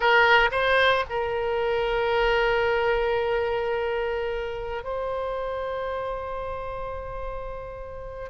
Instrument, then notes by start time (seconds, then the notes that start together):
oboe
0.00 A#4
0.51 C5
1.09 A#4
4.83 C5